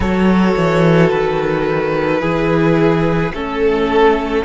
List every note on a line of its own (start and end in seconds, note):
0.00 0.53 F#3
0.00 2.19 F#4
0.00 2.21 A4
0.00 1.10 C#5
0.56 1.12 E3
1.10 2.21 D#3
1.10 3.32 B4
2.19 3.32 E3
2.19 3.30 E4
2.19 3.32 G#4
3.32 4.44 A3
3.32 4.44 C#4
3.32 4.44 A4